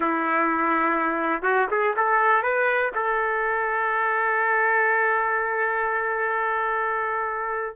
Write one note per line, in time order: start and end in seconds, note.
0.00 1.42 E4
1.42 1.66 F#4
1.70 1.95 G#4
1.96 2.42 A4
2.42 2.91 B4
2.94 7.76 A4